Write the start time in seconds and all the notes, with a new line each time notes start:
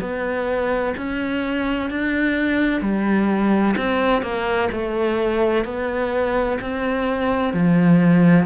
0.00 B3
0.97 C#4
1.90 D4
2.81 G3
3.77 C4
4.21 A#3
4.71 A3
5.64 B3
6.61 C4
7.53 F3